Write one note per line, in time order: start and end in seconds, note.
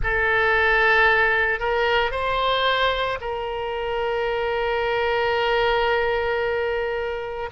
0.03 1.59 A4
1.59 2.11 A#4
2.11 3.18 C5
3.20 7.49 A#4